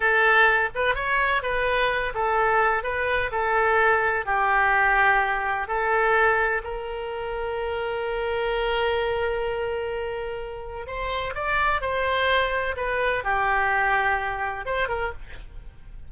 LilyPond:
\new Staff \with { instrumentName = "oboe" } { \time 4/4 \tempo 4 = 127 a'4. b'8 cis''4 b'4~ | b'8 a'4. b'4 a'4~ | a'4 g'2. | a'2 ais'2~ |
ais'1~ | ais'2. c''4 | d''4 c''2 b'4 | g'2. c''8 ais'8 | }